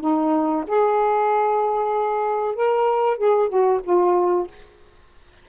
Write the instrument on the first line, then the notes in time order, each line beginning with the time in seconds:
saxophone
0.00 D#4
0.67 G#4
2.55 A#4
3.17 G#4
3.48 F#4
3.83 F4